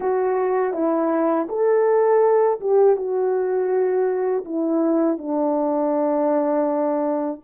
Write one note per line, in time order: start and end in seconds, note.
0.00 0.73 F#4
0.73 1.47 E4
1.48 2.60 A4
2.60 2.96 G4
2.96 4.44 F#4
4.44 5.18 E4
5.18 7.40 D4